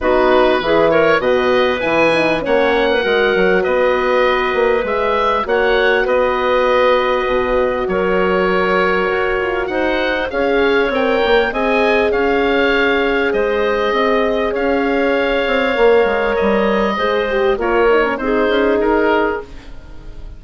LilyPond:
<<
  \new Staff \with { instrumentName = "oboe" } { \time 4/4 \tempo 4 = 99 b'4. cis''8 dis''4 gis''4 | fis''2 dis''2 | e''4 fis''4 dis''2~ | dis''4 cis''2. |
fis''4 f''4 g''4 gis''4 | f''2 dis''2 | f''2. dis''4~ | dis''4 cis''4 c''4 ais'4 | }
  \new Staff \with { instrumentName = "clarinet" } { \time 4/4 fis'4 gis'8 ais'8 b'2 | cis''8. b'16 ais'4 b'2~ | b'4 cis''4 b'2~ | b'4 ais'2. |
c''4 cis''2 dis''4 | cis''2 c''4 dis''4 | cis''1 | c''4 ais'4 gis'2 | }
  \new Staff \with { instrumentName = "horn" } { \time 4/4 dis'4 e'4 fis'4 e'8 dis'8 | cis'4 fis'2. | gis'4 fis'2.~ | fis'1~ |
fis'4 gis'4 ais'4 gis'4~ | gis'1~ | gis'2 ais'2 | gis'8 g'8 f'8 dis'16 cis'16 dis'2 | }
  \new Staff \with { instrumentName = "bassoon" } { \time 4/4 b4 e4 b,4 e4 | ais4 gis8 fis8 b4. ais8 | gis4 ais4 b2 | b,4 fis2 fis'8 f'8 |
dis'4 cis'4 c'8 ais8 c'4 | cis'2 gis4 c'4 | cis'4. c'8 ais8 gis8 g4 | gis4 ais4 c'8 cis'8 dis'4 | }
>>